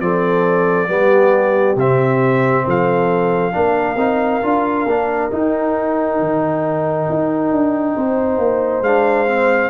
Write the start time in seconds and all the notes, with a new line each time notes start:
0.00 F3 C4 A4 D5
0.88 G3 B3 G4
1.76 C3 C4 E5
2.66 F3 A4 F5
3.52 A#3 D4 A#4
3.96 C4 D#4
4.43 D4 F4
4.85 A#3 D4
5.31 D#4 G5
6.20 D#3
7.09 D#4
7.52 D4
7.97 C4 C5
8.38 A#3
8.81 G#3 D4 F5
9.27 C4